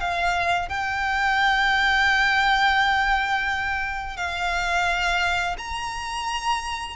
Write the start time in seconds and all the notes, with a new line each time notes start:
0.00 F5
0.69 G5
4.17 F5
5.58 A#5